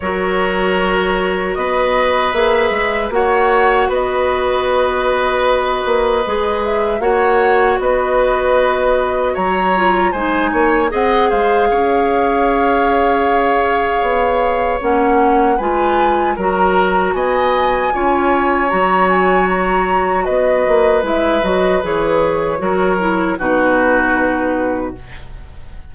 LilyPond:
<<
  \new Staff \with { instrumentName = "flute" } { \time 4/4 \tempo 4 = 77 cis''2 dis''4 e''4 | fis''4 dis''2.~ | dis''8 e''8 fis''4 dis''2 | ais''4 gis''4 fis''8 f''4.~ |
f''2. fis''4 | gis''4 ais''4 gis''2 | ais''8 gis''8 ais''4 dis''4 e''8 dis''8 | cis''2 b'2 | }
  \new Staff \with { instrumentName = "oboe" } { \time 4/4 ais'2 b'2 | cis''4 b'2.~ | b'4 cis''4 b'2 | cis''4 c''8 cis''8 dis''8 c''8 cis''4~ |
cis''1 | b'4 ais'4 dis''4 cis''4~ | cis''2 b'2~ | b'4 ais'4 fis'2 | }
  \new Staff \with { instrumentName = "clarinet" } { \time 4/4 fis'2. gis'4 | fis'1 | gis'4 fis'2.~ | fis'8 f'8 dis'4 gis'2~ |
gis'2. cis'4 | f'4 fis'2 f'4 | fis'2. e'8 fis'8 | gis'4 fis'8 e'8 dis'2 | }
  \new Staff \with { instrumentName = "bassoon" } { \time 4/4 fis2 b4 ais8 gis8 | ais4 b2~ b8 ais8 | gis4 ais4 b2 | fis4 gis8 ais8 c'8 gis8 cis'4~ |
cis'2 b4 ais4 | gis4 fis4 b4 cis'4 | fis2 b8 ais8 gis8 fis8 | e4 fis4 b,2 | }
>>